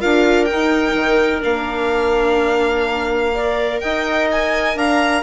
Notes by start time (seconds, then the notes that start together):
0.00 D4 F4 A#4 F5
0.45 G5
0.51 D#4
0.94 D#3
1.42 A#3 D4 F5
3.34 A#4 D5
3.80 D#4 D#5 G5
4.31 G#5
4.76 D4 F5 A#5